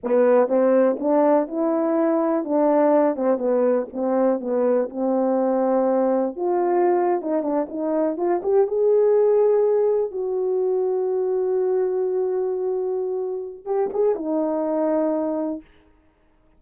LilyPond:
\new Staff \with { instrumentName = "horn" } { \time 4/4 \tempo 4 = 123 b4 c'4 d'4 e'4~ | e'4 d'4. c'8 b4 | c'4 b4 c'2~ | c'4 f'4.~ f'16 dis'8 d'8 dis'16~ |
dis'8. f'8 g'8 gis'2~ gis'16~ | gis'8. fis'2.~ fis'16~ | fis'1 | g'8 gis'8 dis'2. | }